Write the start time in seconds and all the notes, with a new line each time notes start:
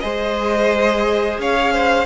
0.00 G#3 G#4 C5 D#5
1.38 C#4 C#5 F5
1.73 C5